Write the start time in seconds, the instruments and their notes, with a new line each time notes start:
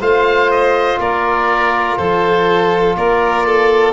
0.00 tuba A3, trombone F4, violin C5, oboe F5
0.51 oboe D#5
0.99 tuba A#3, violin A#4, oboe D5
1.97 tuba F3, violin A4, oboe C5
2.96 tuba A#3, violin A#4, oboe D5
3.46 violin A4